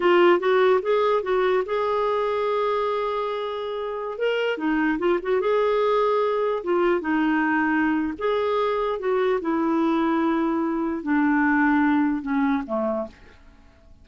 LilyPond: \new Staff \with { instrumentName = "clarinet" } { \time 4/4 \tempo 4 = 147 f'4 fis'4 gis'4 fis'4 | gis'1~ | gis'2~ gis'16 ais'4 dis'8.~ | dis'16 f'8 fis'8 gis'2~ gis'8.~ |
gis'16 f'4 dis'2~ dis'8. | gis'2 fis'4 e'4~ | e'2. d'4~ | d'2 cis'4 a4 | }